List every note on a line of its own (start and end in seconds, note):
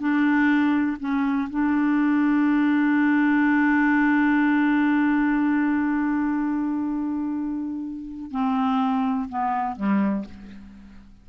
0.00 0.98 D4
1.00 1.49 C#4
1.50 8.31 D4
8.31 9.29 C4
9.29 9.77 B3
9.77 10.26 G3